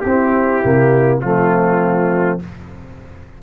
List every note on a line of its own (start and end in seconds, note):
0.00 0.64 C4
0.00 1.21 E4
0.00 1.18 G4
0.07 0.62 C4
0.62 1.23 C3
0.62 1.21 A#3
1.21 2.40 F3
1.21 2.40 A3
1.21 2.42 C4
1.21 2.39 F4